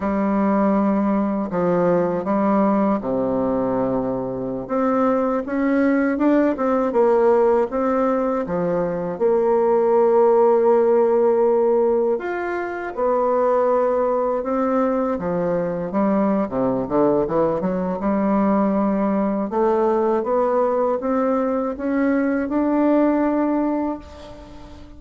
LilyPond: \new Staff \with { instrumentName = "bassoon" } { \time 4/4 \tempo 4 = 80 g2 f4 g4 | c2~ c16 c'4 cis'8.~ | cis'16 d'8 c'8 ais4 c'4 f8.~ | f16 ais2.~ ais8.~ |
ais16 f'4 b2 c'8.~ | c'16 f4 g8. c8 d8 e8 fis8 | g2 a4 b4 | c'4 cis'4 d'2 | }